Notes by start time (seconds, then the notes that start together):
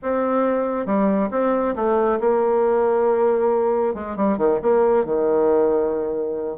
0.02 C4
0.86 G3
1.31 C4
1.75 A3
2.20 A#3
3.94 G#3
4.16 G3
4.37 D#3
4.62 A#3
5.04 D#3